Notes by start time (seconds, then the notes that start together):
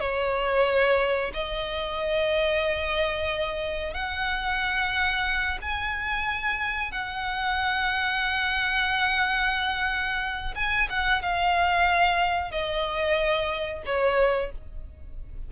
0.00 C#5
1.34 D#5
3.94 F#5
5.62 G#5
6.92 F#5
10.56 G#5
10.90 F#5
11.22 F5
12.52 D#5
13.86 C#5